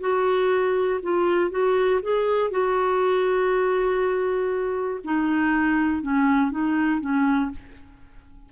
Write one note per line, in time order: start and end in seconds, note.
0.00 1.00 F#4
1.02 1.50 F4
1.50 2.00 F#4
2.02 2.50 G#4
2.50 5.00 F#4
5.04 6.02 D#4
6.02 6.51 C#4
6.51 7.00 D#4
7.00 7.50 C#4